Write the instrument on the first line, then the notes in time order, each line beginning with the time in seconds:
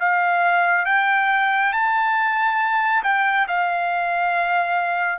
trumpet
0.00 F5
0.86 G5
1.73 A5
3.04 G5
3.49 F5